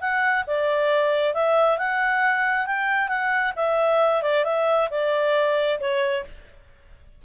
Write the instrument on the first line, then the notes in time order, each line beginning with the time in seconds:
clarinet
0.00 F#5
0.46 D5
1.33 E5
1.77 F#5
2.66 G5
3.08 F#5
3.56 E5
4.22 D5
4.44 E5
4.90 D5
5.79 C#5